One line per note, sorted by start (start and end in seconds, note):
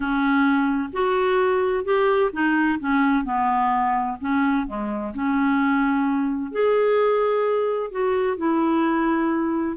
0.00 0.89 C#4
0.93 1.84 F#4
1.84 2.30 G4
2.32 2.79 D#4
2.79 3.24 C#4
3.24 4.17 B3
4.20 4.66 C#4
4.66 5.13 G#3
5.14 6.51 C#4
6.51 7.91 G#4
7.91 8.37 F#4
8.37 9.76 E4